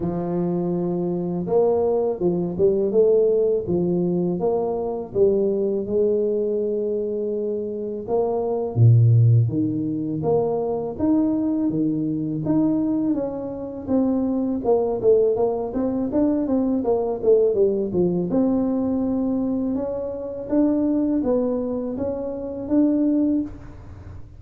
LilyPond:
\new Staff \with { instrumentName = "tuba" } { \time 4/4 \tempo 4 = 82 f2 ais4 f8 g8 | a4 f4 ais4 g4 | gis2. ais4 | ais,4 dis4 ais4 dis'4 |
dis4 dis'4 cis'4 c'4 | ais8 a8 ais8 c'8 d'8 c'8 ais8 a8 | g8 f8 c'2 cis'4 | d'4 b4 cis'4 d'4 | }